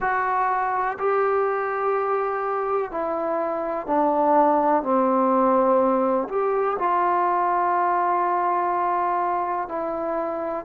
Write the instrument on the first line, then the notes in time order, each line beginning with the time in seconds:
trombone
0.00 F#4
0.99 G4
2.91 E4
3.86 D4
4.83 C4
6.29 G4
6.78 F4
9.68 E4